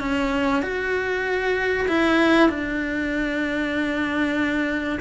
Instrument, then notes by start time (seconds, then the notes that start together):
cello
0.00 C#4
0.62 F#4
1.88 E4
2.49 D4